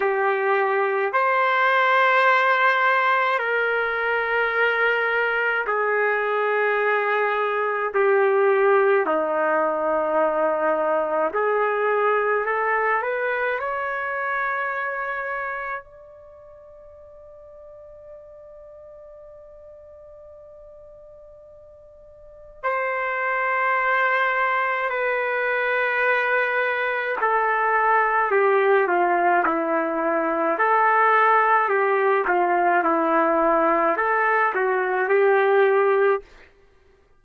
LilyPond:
\new Staff \with { instrumentName = "trumpet" } { \time 4/4 \tempo 4 = 53 g'4 c''2 ais'4~ | ais'4 gis'2 g'4 | dis'2 gis'4 a'8 b'8 | cis''2 d''2~ |
d''1 | c''2 b'2 | a'4 g'8 f'8 e'4 a'4 | g'8 f'8 e'4 a'8 fis'8 g'4 | }